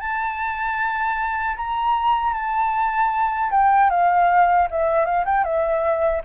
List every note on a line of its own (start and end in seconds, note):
0.00 1.56 A5
1.56 2.33 A#5
2.33 3.50 A5
3.51 3.90 G5
3.90 4.68 F5
4.70 5.05 E5
5.05 5.24 F5
5.25 5.44 G5
5.44 6.22 E5